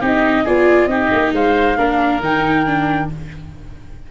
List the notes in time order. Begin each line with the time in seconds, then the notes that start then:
0.00 C4 D#4 G4 D#5
0.44 B3 F4 G#4 D5
0.86 C4 D#4 G4 D#5
1.12 A#3
1.32 G#3 C5 F5
1.77 A#3 D4 A#4
2.20 D#3 D#4 G5
2.65 D4